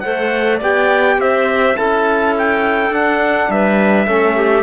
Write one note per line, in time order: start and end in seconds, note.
0.00 0.61 A3
0.00 0.61 A4
0.00 0.57 C5
0.00 0.58 F#5
0.57 1.18 B3
0.57 1.75 G4
0.57 1.15 D5
0.57 1.20 G5
1.18 1.75 C4
1.18 1.77 C5
1.18 1.76 E5
1.75 2.90 C#4
1.75 2.91 E4
1.75 3.50 A4
1.75 2.34 A5
2.38 2.94 G5
2.90 3.48 D4
2.90 4.06 D4
2.90 3.51 F#5
3.49 4.06 G3
3.49 4.06 B4
3.49 4.63 E5
4.06 4.63 A3
4.06 4.63 C#4
4.06 4.35 A4
4.36 4.63 G4